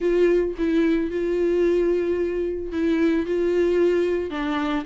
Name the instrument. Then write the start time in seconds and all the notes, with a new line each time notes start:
viola
0.00 F4
0.57 E4
1.10 F4
2.71 E4
3.26 F4
4.30 D4